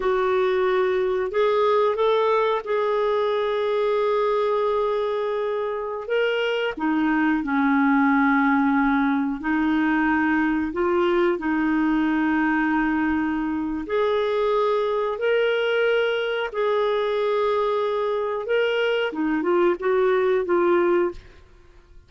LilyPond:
\new Staff \with { instrumentName = "clarinet" } { \time 4/4 \tempo 4 = 91 fis'2 gis'4 a'4 | gis'1~ | gis'4~ gis'16 ais'4 dis'4 cis'8.~ | cis'2~ cis'16 dis'4.~ dis'16~ |
dis'16 f'4 dis'2~ dis'8.~ | dis'4 gis'2 ais'4~ | ais'4 gis'2. | ais'4 dis'8 f'8 fis'4 f'4 | }